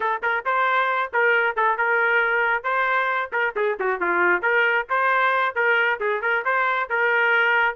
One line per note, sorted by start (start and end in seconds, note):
0.00 0.21 A4
0.22 0.44 A#4
0.45 1.12 C5
1.13 1.56 A#4
1.56 1.77 A4
1.77 2.63 A#4
2.63 3.30 C5
3.32 3.54 A#4
3.56 3.78 G#4
3.79 4.00 F#4
4.00 4.42 F4
4.42 4.86 A#4
4.89 5.55 C5
5.55 5.99 A#4
6.00 6.21 G#4
6.21 6.43 A#4
6.44 6.89 C5
6.89 7.75 A#4